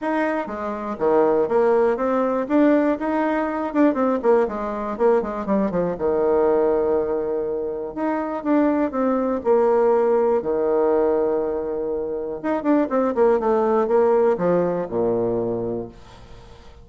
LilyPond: \new Staff \with { instrumentName = "bassoon" } { \time 4/4 \tempo 4 = 121 dis'4 gis4 dis4 ais4 | c'4 d'4 dis'4. d'8 | c'8 ais8 gis4 ais8 gis8 g8 f8 | dis1 |
dis'4 d'4 c'4 ais4~ | ais4 dis2.~ | dis4 dis'8 d'8 c'8 ais8 a4 | ais4 f4 ais,2 | }